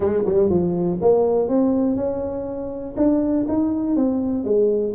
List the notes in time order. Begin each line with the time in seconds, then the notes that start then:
0.00 G#3
0.25 G3
0.49 F3
1.01 A#3
1.48 C4
1.95 C#4
2.96 D4
3.48 D#4
3.95 C4
4.44 G#3